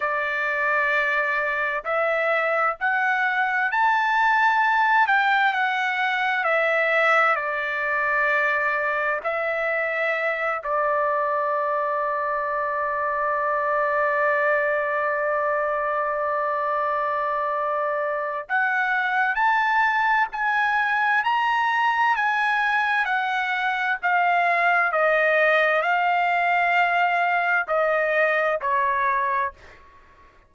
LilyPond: \new Staff \with { instrumentName = "trumpet" } { \time 4/4 \tempo 4 = 65 d''2 e''4 fis''4 | a''4. g''8 fis''4 e''4 | d''2 e''4. d''8~ | d''1~ |
d''1 | fis''4 a''4 gis''4 ais''4 | gis''4 fis''4 f''4 dis''4 | f''2 dis''4 cis''4 | }